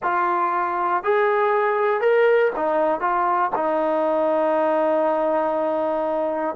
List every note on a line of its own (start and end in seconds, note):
0.02 1.03 F4
1.03 2.00 G#4
2.00 2.51 A#4
2.56 3.00 D#4
3.00 3.50 F4
3.55 6.55 D#4